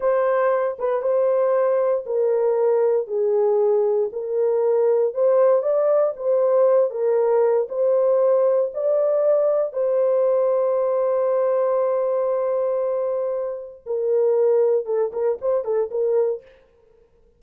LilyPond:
\new Staff \with { instrumentName = "horn" } { \time 4/4 \tempo 4 = 117 c''4. b'8 c''2 | ais'2 gis'2 | ais'2 c''4 d''4 | c''4. ais'4. c''4~ |
c''4 d''2 c''4~ | c''1~ | c''2. ais'4~ | ais'4 a'8 ais'8 c''8 a'8 ais'4 | }